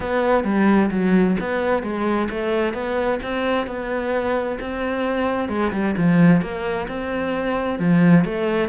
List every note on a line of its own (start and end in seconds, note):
0.00 0.44 B3
0.44 0.90 G3
0.90 1.36 F#3
1.39 1.82 B3
1.82 2.28 G#3
2.29 2.73 A3
2.73 3.19 B3
3.22 3.66 C4
3.66 4.58 B3
4.60 5.48 C4
5.48 5.71 G#3
5.72 5.95 G3
5.97 6.41 F3
6.41 6.87 A#3
6.87 7.79 C4
7.79 8.24 F3
8.24 8.69 A3